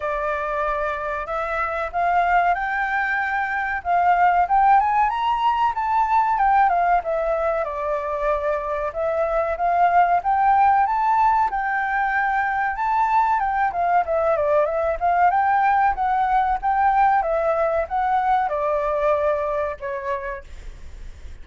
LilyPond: \new Staff \with { instrumentName = "flute" } { \time 4/4 \tempo 4 = 94 d''2 e''4 f''4 | g''2 f''4 g''8 gis''8 | ais''4 a''4 g''8 f''8 e''4 | d''2 e''4 f''4 |
g''4 a''4 g''2 | a''4 g''8 f''8 e''8 d''8 e''8 f''8 | g''4 fis''4 g''4 e''4 | fis''4 d''2 cis''4 | }